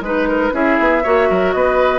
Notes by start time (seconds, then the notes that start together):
0.00 G#3 D#4 B4
0.28 A#4
0.52 C#4 E4 G#4 E5
0.79 B3
1.03 A#3 F#4 C#5
1.29 F#3 A#4
1.52 B3 B4 D#5